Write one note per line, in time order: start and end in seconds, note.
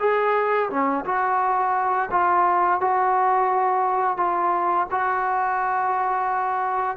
0.00 0.70 G#4
0.70 1.05 C#4
1.05 2.10 F#4
2.12 2.81 F4
2.81 4.18 F#4
4.18 4.87 F4
4.91 6.97 F#4